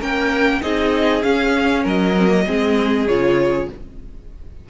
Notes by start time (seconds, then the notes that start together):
0.00 A#3 C#4 A#4 G5
0.61 C4 D#4 G#4 D#5
1.22 C#4 F5
1.83 F#3 A#4 D#5
2.17 C4
2.28 A#3
2.46 G#3 C4 G#4
3.07 C#3 F4 C#5